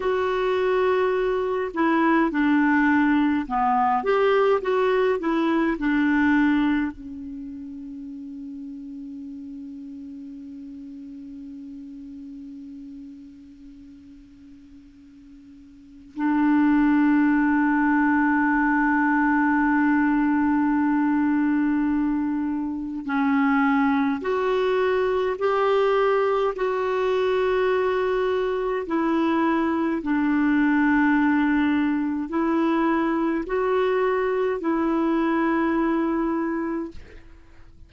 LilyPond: \new Staff \with { instrumentName = "clarinet" } { \time 4/4 \tempo 4 = 52 fis'4. e'8 d'4 b8 g'8 | fis'8 e'8 d'4 cis'2~ | cis'1~ | cis'2 d'2~ |
d'1 | cis'4 fis'4 g'4 fis'4~ | fis'4 e'4 d'2 | e'4 fis'4 e'2 | }